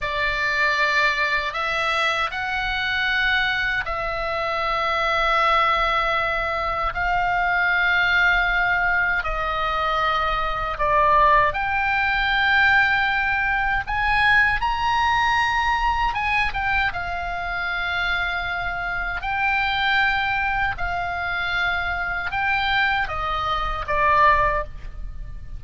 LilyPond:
\new Staff \with { instrumentName = "oboe" } { \time 4/4 \tempo 4 = 78 d''2 e''4 fis''4~ | fis''4 e''2.~ | e''4 f''2. | dis''2 d''4 g''4~ |
g''2 gis''4 ais''4~ | ais''4 gis''8 g''8 f''2~ | f''4 g''2 f''4~ | f''4 g''4 dis''4 d''4 | }